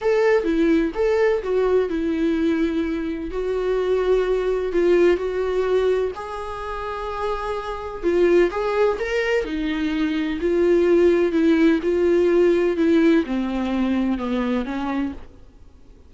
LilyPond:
\new Staff \with { instrumentName = "viola" } { \time 4/4 \tempo 4 = 127 a'4 e'4 a'4 fis'4 | e'2. fis'4~ | fis'2 f'4 fis'4~ | fis'4 gis'2.~ |
gis'4 f'4 gis'4 ais'4 | dis'2 f'2 | e'4 f'2 e'4 | c'2 b4 cis'4 | }